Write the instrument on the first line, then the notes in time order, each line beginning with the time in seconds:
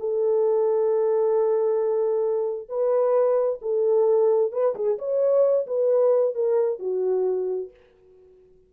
horn
0.00 A4
2.69 B4
3.62 A4
4.52 B4
4.76 G#4
4.99 C#5
5.67 B4
6.35 A#4
6.80 F#4